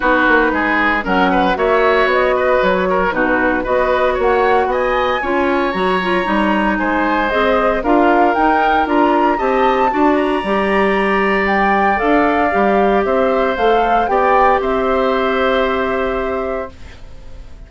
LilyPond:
<<
  \new Staff \with { instrumentName = "flute" } { \time 4/4 \tempo 4 = 115 b'2 fis''4 e''4 | dis''4 cis''4 b'4 dis''4 | fis''4 gis''2 ais''4~ | ais''4 gis''4 dis''4 f''4 |
g''4 ais''4 a''4. ais''8~ | ais''2 g''4 f''4~ | f''4 e''4 f''4 g''4 | e''1 | }
  \new Staff \with { instrumentName = "oboe" } { \time 4/4 fis'4 gis'4 ais'8 b'8 cis''4~ | cis''8 b'4 ais'8 fis'4 b'4 | cis''4 dis''4 cis''2~ | cis''4 c''2 ais'4~ |
ais'2 dis''4 d''4~ | d''1~ | d''4 c''2 d''4 | c''1 | }
  \new Staff \with { instrumentName = "clarinet" } { \time 4/4 dis'2 cis'4 fis'4~ | fis'2 dis'4 fis'4~ | fis'2 f'4 fis'8 f'8 | dis'2 gis'4 f'4 |
dis'4 f'4 g'4 fis'4 | g'2. a'4 | g'2 a'4 g'4~ | g'1 | }
  \new Staff \with { instrumentName = "bassoon" } { \time 4/4 b8 ais8 gis4 fis4 ais4 | b4 fis4 b,4 b4 | ais4 b4 cis'4 fis4 | g4 gis4 c'4 d'4 |
dis'4 d'4 c'4 d'4 | g2. d'4 | g4 c'4 a4 b4 | c'1 | }
>>